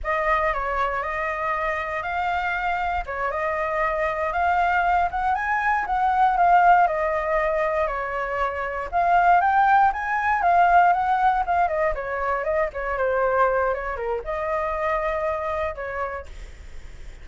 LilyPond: \new Staff \with { instrumentName = "flute" } { \time 4/4 \tempo 4 = 118 dis''4 cis''4 dis''2 | f''2 cis''8 dis''4.~ | dis''8 f''4. fis''8 gis''4 fis''8~ | fis''8 f''4 dis''2 cis''8~ |
cis''4. f''4 g''4 gis''8~ | gis''8 f''4 fis''4 f''8 dis''8 cis''8~ | cis''8 dis''8 cis''8 c''4. cis''8 ais'8 | dis''2. cis''4 | }